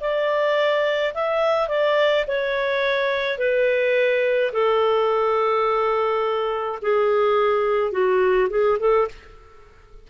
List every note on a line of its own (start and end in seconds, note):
0.00 1.13 D5
1.14 1.68 E5
1.68 2.24 D5
2.27 3.38 C#5
3.38 4.51 B4
4.52 6.79 A4
6.81 7.91 G#4
7.91 8.48 F#4
8.50 8.78 G#4
8.79 9.07 A4